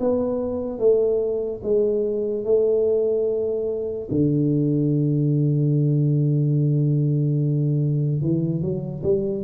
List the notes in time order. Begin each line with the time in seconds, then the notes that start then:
0.00 B3
0.79 A3
1.63 G#3
2.45 A3
4.11 D3
8.22 E3
8.62 F#3
9.03 G3